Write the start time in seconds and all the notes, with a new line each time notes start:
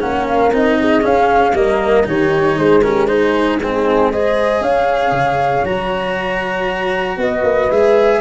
0.00 A#3 C#4 A#4 F#5
0.28 F5
0.52 C4 D#4 D#5
0.80 G#4
1.02 C#4 F5
1.53 G3 A#3 A#4 D#5
2.04 D#3 D#4 G4 C#5
2.57 G#3 G#4 C5
2.82 C#4 G4 A#4
3.07 D#4 G#4 C5
3.62 C4 D#4 G#4
4.11 G#4 C5 D#5
4.61 C#4 C#5 F5
5.11 C#3
5.63 F#3 F#4 A#5
7.17 B3 B4 D#5
7.43 A#3
7.71 G#3 G#4 E5